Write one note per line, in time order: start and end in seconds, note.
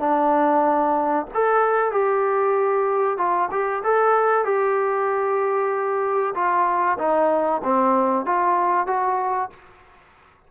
0.00 1.26 D4
1.34 1.92 A4
1.92 3.18 G4
3.18 3.50 F4
3.52 3.83 G4
3.84 4.45 A4
4.45 6.34 G4
6.35 6.98 F4
6.99 7.62 D#4
7.64 8.26 C4
8.26 8.87 F4
8.87 9.51 F#4